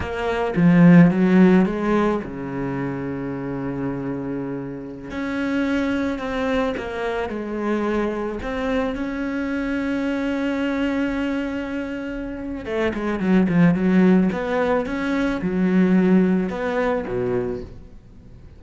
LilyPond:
\new Staff \with { instrumentName = "cello" } { \time 4/4 \tempo 4 = 109 ais4 f4 fis4 gis4 | cis1~ | cis4~ cis16 cis'2 c'8.~ | c'16 ais4 gis2 c'8.~ |
c'16 cis'2.~ cis'8.~ | cis'2. a8 gis8 | fis8 f8 fis4 b4 cis'4 | fis2 b4 b,4 | }